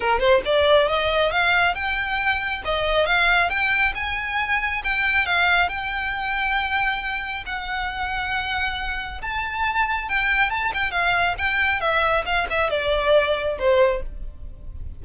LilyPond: \new Staff \with { instrumentName = "violin" } { \time 4/4 \tempo 4 = 137 ais'8 c''8 d''4 dis''4 f''4 | g''2 dis''4 f''4 | g''4 gis''2 g''4 | f''4 g''2.~ |
g''4 fis''2.~ | fis''4 a''2 g''4 | a''8 g''8 f''4 g''4 e''4 | f''8 e''8 d''2 c''4 | }